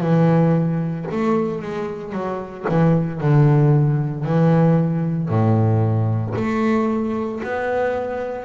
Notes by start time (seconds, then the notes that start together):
0.00 E3
1.11 A3
1.62 G#3
2.12 F#3
2.68 E3
3.21 D3
4.24 E3
5.28 A2
6.36 A3
7.44 B3